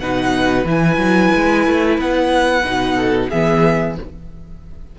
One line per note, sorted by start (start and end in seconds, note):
0.00 0.65 B2
0.00 0.65 D#4
0.00 2.95 B4
0.00 0.66 F#5
0.65 0.97 E3
0.65 2.63 E4
0.65 2.00 G#5
0.97 1.30 F#3
1.35 1.67 G#3
1.67 1.98 A3
1.98 2.64 B3
1.98 3.30 F#5
2.64 3.30 B2
2.64 3.30 D#4
2.95 3.28 A4
3.30 3.98 E3
3.30 3.99 B3
3.30 3.96 G#4
3.30 3.96 E5